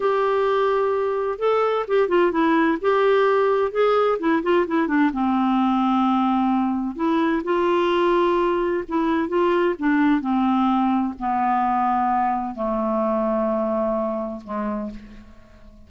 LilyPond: \new Staff \with { instrumentName = "clarinet" } { \time 4/4 \tempo 4 = 129 g'2. a'4 | g'8 f'8 e'4 g'2 | gis'4 e'8 f'8 e'8 d'8 c'4~ | c'2. e'4 |
f'2. e'4 | f'4 d'4 c'2 | b2. a4~ | a2. gis4 | }